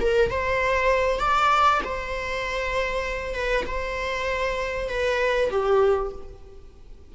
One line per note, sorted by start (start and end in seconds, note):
0.00 0.30 A#4
0.30 1.19 C5
1.19 1.81 D5
1.84 3.34 C5
3.34 3.65 B4
3.66 4.88 C5
4.88 5.50 B4
5.50 6.12 G4